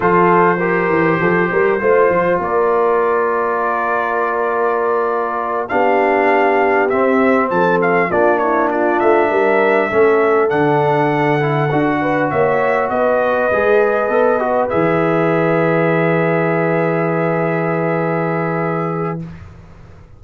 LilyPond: <<
  \new Staff \with { instrumentName = "trumpet" } { \time 4/4 \tempo 4 = 100 c''1 | d''1~ | d''4. f''2 e''8~ | e''8 a''8 f''8 d''8 cis''8 d''8 e''4~ |
e''4. fis''2~ fis''8~ | fis''8 e''4 dis''2~ dis''8~ | dis''8 e''2.~ e''8~ | e''1 | }
  \new Staff \with { instrumentName = "horn" } { \time 4/4 a'4 ais'4 a'8 ais'8 c''4 | ais'1~ | ais'4. g'2~ g'8~ | g'8 a'4 f'8 e'8 f'4 ais'8~ |
ais'8 a'2.~ a'8 | b'8 cis''4 b'2~ b'8~ | b'1~ | b'1 | }
  \new Staff \with { instrumentName = "trombone" } { \time 4/4 f'4 g'2 f'4~ | f'1~ | f'4. d'2 c'8~ | c'4. d'2~ d'8~ |
d'8 cis'4 d'4. e'8 fis'8~ | fis'2~ fis'8 gis'4 a'8 | fis'8 gis'2.~ gis'8~ | gis'1 | }
  \new Staff \with { instrumentName = "tuba" } { \time 4/4 f4. e8 f8 g8 a8 f8 | ais1~ | ais4. b2 c'8~ | c'8 f4 ais4. a8 g8~ |
g8 a4 d2 d'8~ | d'8 ais4 b4 gis4 b8~ | b8 e2.~ e8~ | e1 | }
>>